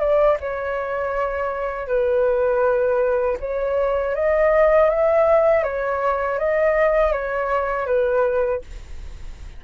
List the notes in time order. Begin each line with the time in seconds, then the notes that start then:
0.00 D5
0.41 C#5
1.88 B4
3.40 C#5
4.16 D#5
4.91 E5
5.64 C#5
6.39 D#5
7.13 C#5
7.87 B4